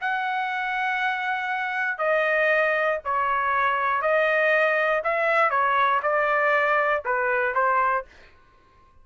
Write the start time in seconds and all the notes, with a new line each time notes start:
0.00 F#5
1.98 D#5
3.04 C#5
4.01 D#5
5.04 E5
5.50 C#5
6.02 D5
7.05 B4
7.54 C5